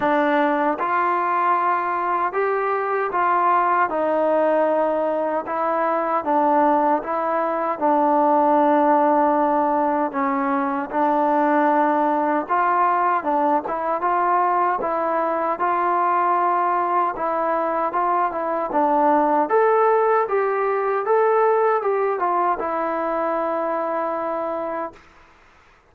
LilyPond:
\new Staff \with { instrumentName = "trombone" } { \time 4/4 \tempo 4 = 77 d'4 f'2 g'4 | f'4 dis'2 e'4 | d'4 e'4 d'2~ | d'4 cis'4 d'2 |
f'4 d'8 e'8 f'4 e'4 | f'2 e'4 f'8 e'8 | d'4 a'4 g'4 a'4 | g'8 f'8 e'2. | }